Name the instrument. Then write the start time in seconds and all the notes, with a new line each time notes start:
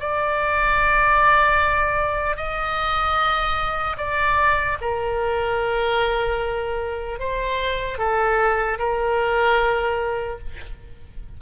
oboe
0.00 D5
2.37 D#5
3.97 D5
4.81 A#4
7.20 C5
7.98 A4
8.79 A#4